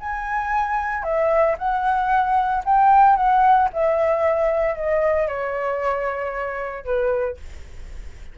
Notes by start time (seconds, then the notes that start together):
0.00 G#5
1.03 E5
1.58 F#5
2.64 G5
3.16 F#5
3.73 E5
4.75 D#5
5.28 C#5
6.84 B4